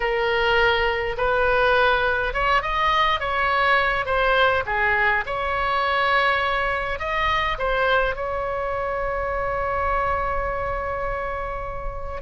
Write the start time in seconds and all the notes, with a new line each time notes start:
0.00 A#4
1.17 B4
2.33 C#5
2.61 D#5
3.20 C#5
4.05 C5
4.66 G#4
5.26 C#5
6.99 D#5
7.58 C5
8.15 C#5